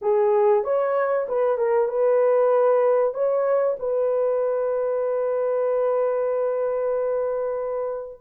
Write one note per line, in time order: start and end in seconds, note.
0.01 0.63 G#4
0.63 1.27 C#5
1.28 1.57 B4
1.57 1.87 A#4
1.87 3.13 B4
3.13 3.77 C#5
3.79 8.21 B4